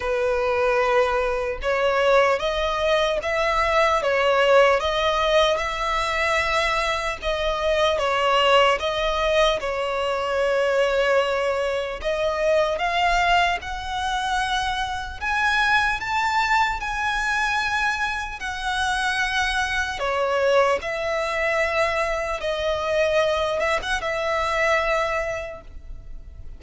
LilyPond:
\new Staff \with { instrumentName = "violin" } { \time 4/4 \tempo 4 = 75 b'2 cis''4 dis''4 | e''4 cis''4 dis''4 e''4~ | e''4 dis''4 cis''4 dis''4 | cis''2. dis''4 |
f''4 fis''2 gis''4 | a''4 gis''2 fis''4~ | fis''4 cis''4 e''2 | dis''4. e''16 fis''16 e''2 | }